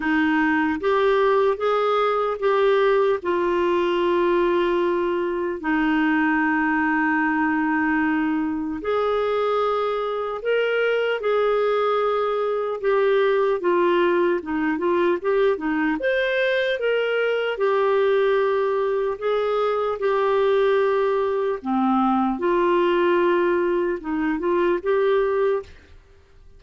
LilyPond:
\new Staff \with { instrumentName = "clarinet" } { \time 4/4 \tempo 4 = 75 dis'4 g'4 gis'4 g'4 | f'2. dis'4~ | dis'2. gis'4~ | gis'4 ais'4 gis'2 |
g'4 f'4 dis'8 f'8 g'8 dis'8 | c''4 ais'4 g'2 | gis'4 g'2 c'4 | f'2 dis'8 f'8 g'4 | }